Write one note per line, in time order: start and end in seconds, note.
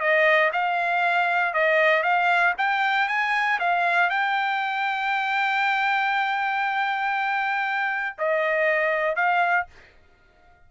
0.00 0.51 D#5
0.52 1.53 F5
1.53 2.03 D#5
2.03 2.54 F5
2.58 3.08 G5
3.08 3.59 G#5
3.59 4.10 F5
4.10 8.16 G5
8.18 9.15 D#5
9.15 9.66 F5